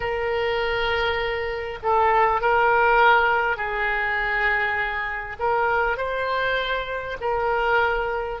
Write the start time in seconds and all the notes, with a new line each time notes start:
0.00 A#4
1.82 A4
2.41 A#4
3.57 G#4
5.39 A#4
5.97 C5
7.21 A#4